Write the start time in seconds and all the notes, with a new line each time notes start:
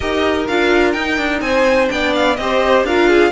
0.00 D#4 G4 A#4 D#5
0.47 D4 F4 F5
0.92 D#4 G5
1.17 D4
1.41 C4 C5 G#5
1.87 B3 D4 D5 G5
2.14 F5
2.35 C4 G4 C5 D#5
2.83 D4 F4 A#4 F5
3.08 G#4